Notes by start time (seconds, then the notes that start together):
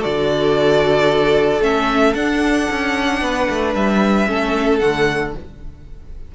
0.00 D3 F#4 A4 D5
1.61 A3 C#4 E5
2.14 D4 F#5
2.71 C#4
3.22 B3 B4
3.50 A3
3.75 G3 E5
4.27 A3 C#4 A4
4.79 D3 A3 F#5